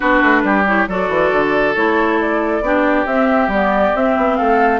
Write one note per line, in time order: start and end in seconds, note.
0.00 0.22 B3
0.00 0.65 D4
0.00 0.42 F#4
0.00 0.65 B4
0.22 0.43 A3
0.43 0.87 G3
0.43 0.89 G4
0.66 0.88 E4
0.66 0.88 C#5
0.87 1.09 F#3
0.87 1.75 F#4
0.87 2.64 A4
0.87 1.75 D5
1.09 1.30 E3
1.31 1.75 D3
1.75 2.61 A3
1.75 2.63 E4
1.75 2.19 C#5
2.20 3.06 D5
2.61 3.05 B3
2.61 3.07 D4
2.61 4.37 G4
3.06 3.47 C4
3.06 3.51 C4
3.06 3.50 E5
3.47 3.91 G3
3.47 3.95 B3
3.47 3.96 D5
3.95 4.16 C4
3.95 4.80 C4
3.95 4.36 E5
4.16 4.38 B3
4.36 4.80 A3
4.36 4.80 A4
4.36 4.80 F5